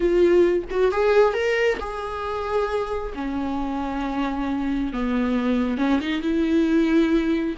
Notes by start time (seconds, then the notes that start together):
0.00 F4
0.70 F#4
0.91 G#4
1.33 A#4
1.79 G#4
3.15 C#4
4.92 B3
5.77 C#4
6.00 D#4
6.21 E4